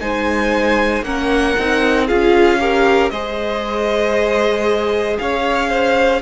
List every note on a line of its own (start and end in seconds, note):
0.00 1.02 G#3
0.00 1.03 D#4
0.00 1.04 C5
0.00 1.03 G#5
1.02 1.54 A#3
1.02 1.56 C#4
1.02 2.07 A#4
1.02 2.07 F#5
1.59 2.10 C4
1.59 2.08 D#4
2.07 3.11 C#4
2.07 2.59 F4
2.07 2.59 G#4
2.07 3.09 F5
2.59 3.11 G4
2.59 3.12 A#4
3.09 5.18 G#3
3.09 6.22 G#4
3.09 5.19 C5
3.09 5.16 D#5
5.18 6.22 C#4
5.18 5.69 C#5
5.18 6.22 F5
5.69 6.21 C5